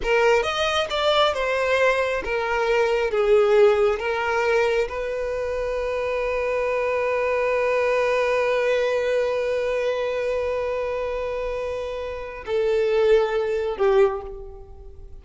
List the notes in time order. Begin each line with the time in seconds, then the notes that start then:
0.02 A#4
0.42 D#5
0.90 D5
1.34 C5
2.24 A#4
3.10 G#4
3.99 A#4
4.88 B4
12.46 A4
13.77 G4